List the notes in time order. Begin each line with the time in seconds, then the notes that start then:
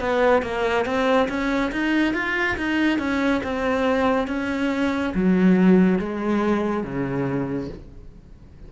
0.00 B3
0.43 A#3
0.86 C4
1.29 C#4
1.72 D#4
2.14 F4
2.58 D#4
2.99 C#4
3.44 C4
4.28 C#4
5.15 F#3
6.00 G#3
6.84 C#3